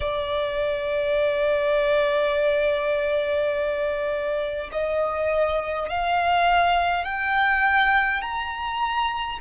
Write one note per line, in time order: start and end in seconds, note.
0.00 4.70 D5
4.72 5.89 D#5
5.89 7.04 F5
7.04 8.21 G5
8.21 9.39 A#5